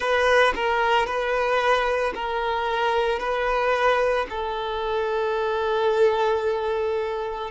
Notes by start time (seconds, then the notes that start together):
0.00 B4
0.55 A#4
1.06 B4
2.14 A#4
3.19 B4
4.29 A4